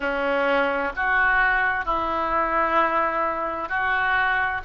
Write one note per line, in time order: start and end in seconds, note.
0.00 0.92 C#4
0.96 1.85 F#4
1.85 3.68 E4
3.68 4.61 F#4